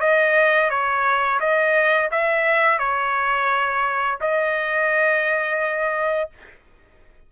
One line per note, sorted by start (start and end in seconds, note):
0.00 0.70 D#5
0.70 1.40 C#5
1.40 2.10 D#5
2.11 2.79 E5
2.79 4.18 C#5
4.21 6.30 D#5